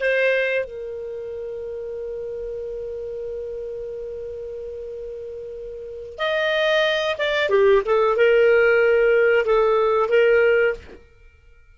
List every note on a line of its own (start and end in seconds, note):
0.00 0.64 C5
0.64 6.18 A#4
6.18 7.16 D#5
7.18 7.49 D5
7.49 7.82 G4
7.85 8.16 A4
8.16 9.45 A#4
9.45 10.09 A4
10.09 10.74 A#4